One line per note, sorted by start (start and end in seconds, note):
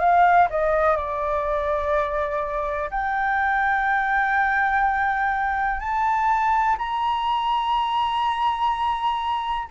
0.00 0.48 F5
0.51 0.97 D#5
0.97 2.90 D5
2.91 5.81 G5
5.81 6.77 A5
6.78 9.69 A#5